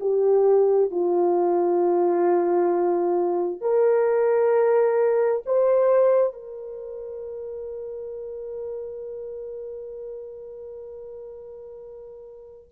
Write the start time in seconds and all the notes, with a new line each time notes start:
0.00 G4
0.91 F4
3.61 A#4
5.45 C5
6.33 A#4